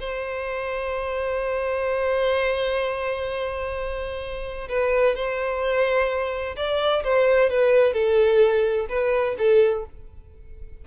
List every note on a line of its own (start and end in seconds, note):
0.00 4.69 C5
4.69 5.16 B4
5.16 6.56 C5
6.57 7.04 D5
7.04 7.50 C5
7.50 7.94 B4
7.94 8.87 A4
8.89 9.36 B4
9.39 9.85 A4